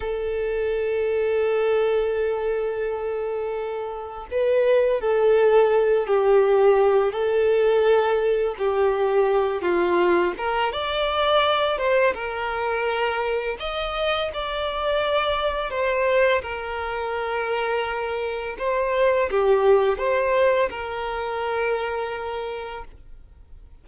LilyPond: \new Staff \with { instrumentName = "violin" } { \time 4/4 \tempo 4 = 84 a'1~ | a'2 b'4 a'4~ | a'8 g'4. a'2 | g'4. f'4 ais'8 d''4~ |
d''8 c''8 ais'2 dis''4 | d''2 c''4 ais'4~ | ais'2 c''4 g'4 | c''4 ais'2. | }